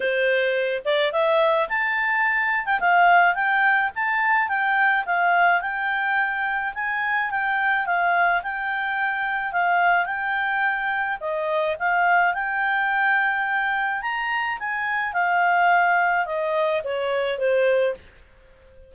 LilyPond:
\new Staff \with { instrumentName = "clarinet" } { \time 4/4 \tempo 4 = 107 c''4. d''8 e''4 a''4~ | a''8. g''16 f''4 g''4 a''4 | g''4 f''4 g''2 | gis''4 g''4 f''4 g''4~ |
g''4 f''4 g''2 | dis''4 f''4 g''2~ | g''4 ais''4 gis''4 f''4~ | f''4 dis''4 cis''4 c''4 | }